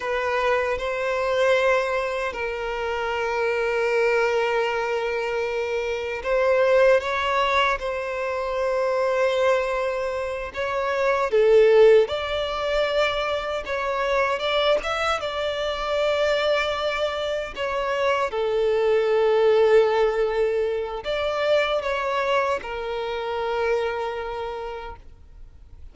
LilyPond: \new Staff \with { instrumentName = "violin" } { \time 4/4 \tempo 4 = 77 b'4 c''2 ais'4~ | ais'1 | c''4 cis''4 c''2~ | c''4. cis''4 a'4 d''8~ |
d''4. cis''4 d''8 e''8 d''8~ | d''2~ d''8 cis''4 a'8~ | a'2. d''4 | cis''4 ais'2. | }